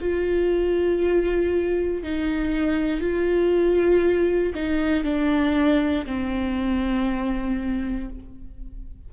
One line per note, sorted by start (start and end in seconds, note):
0.00 2.03 F4
2.03 3.00 D#4
3.00 4.53 F4
4.54 5.04 D#4
5.04 6.06 D4
6.06 8.09 C4